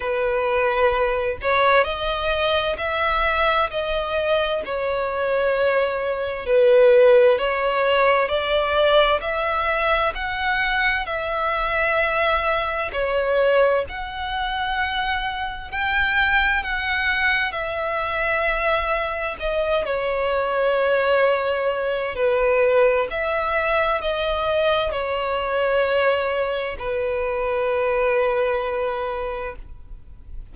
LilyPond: \new Staff \with { instrumentName = "violin" } { \time 4/4 \tempo 4 = 65 b'4. cis''8 dis''4 e''4 | dis''4 cis''2 b'4 | cis''4 d''4 e''4 fis''4 | e''2 cis''4 fis''4~ |
fis''4 g''4 fis''4 e''4~ | e''4 dis''8 cis''2~ cis''8 | b'4 e''4 dis''4 cis''4~ | cis''4 b'2. | }